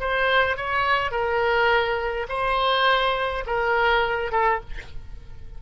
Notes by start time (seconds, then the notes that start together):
0.00 C5
0.57 C#5
1.11 A#4
2.29 C5
3.46 A#4
4.32 A4